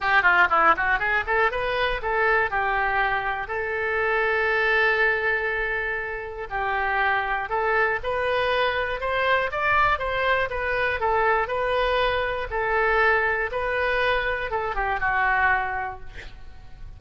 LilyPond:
\new Staff \with { instrumentName = "oboe" } { \time 4/4 \tempo 4 = 120 g'8 f'8 e'8 fis'8 gis'8 a'8 b'4 | a'4 g'2 a'4~ | a'1~ | a'4 g'2 a'4 |
b'2 c''4 d''4 | c''4 b'4 a'4 b'4~ | b'4 a'2 b'4~ | b'4 a'8 g'8 fis'2 | }